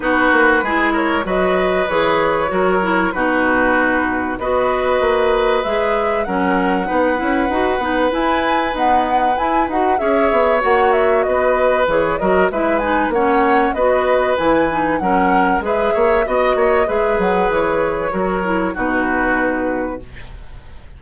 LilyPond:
<<
  \new Staff \with { instrumentName = "flute" } { \time 4/4 \tempo 4 = 96 b'4. cis''8 dis''4 cis''4~ | cis''4 b'2 dis''4~ | dis''4 e''4 fis''2~ | fis''4 gis''4 fis''4 gis''8 fis''8 |
e''4 fis''8 e''8 dis''4 cis''8 dis''8 | e''8 gis''8 fis''4 dis''4 gis''4 | fis''4 e''4 dis''4 e''8 fis''8 | cis''2 b'2 | }
  \new Staff \with { instrumentName = "oboe" } { \time 4/4 fis'4 gis'8 ais'8 b'2 | ais'4 fis'2 b'4~ | b'2 ais'4 b'4~ | b'1 |
cis''2 b'4. ais'8 | b'4 cis''4 b'2 | ais'4 b'8 cis''8 dis''8 cis''8 b'4~ | b'4 ais'4 fis'2 | }
  \new Staff \with { instrumentName = "clarinet" } { \time 4/4 dis'4 e'4 fis'4 gis'4 | fis'8 e'8 dis'2 fis'4~ | fis'4 gis'4 cis'4 dis'8 e'8 | fis'8 dis'8 e'4 b4 e'8 fis'8 |
gis'4 fis'2 gis'8 fis'8 | e'8 dis'8 cis'4 fis'4 e'8 dis'8 | cis'4 gis'4 fis'4 gis'4~ | gis'4 fis'8 e'8 dis'2 | }
  \new Staff \with { instrumentName = "bassoon" } { \time 4/4 b8 ais8 gis4 fis4 e4 | fis4 b,2 b4 | ais4 gis4 fis4 b8 cis'8 | dis'8 b8 e'4 dis'4 e'8 dis'8 |
cis'8 b8 ais4 b4 e8 fis8 | gis4 ais4 b4 e4 | fis4 gis8 ais8 b8 ais8 gis8 fis8 | e4 fis4 b,2 | }
>>